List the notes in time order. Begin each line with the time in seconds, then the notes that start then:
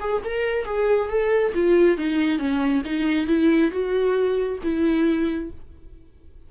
0.00 G#4
0.24 A#4
0.65 G#4
1.09 A4
1.54 F4
1.97 D#4
2.38 C#4
2.85 D#4
3.27 E4
3.71 F#4
4.63 E4